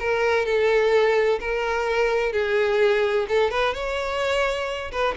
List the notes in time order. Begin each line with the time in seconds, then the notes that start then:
0.00 A#4
0.46 A4
1.40 A#4
2.33 G#4
3.29 A4
3.51 B4
3.74 C#5
4.92 B4